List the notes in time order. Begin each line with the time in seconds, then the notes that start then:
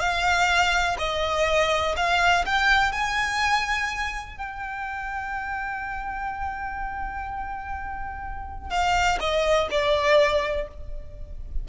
0.00 F5
0.99 D#5
1.97 F5
2.46 G5
2.92 G#5
4.38 G5
8.70 F5
9.20 D#5
9.71 D5